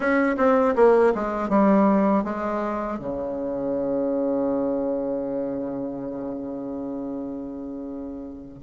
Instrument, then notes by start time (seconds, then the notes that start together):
bassoon
0.00 C#4
0.37 C4
0.75 A#3
1.15 G#3
1.49 G3
2.24 G#3
2.99 C#3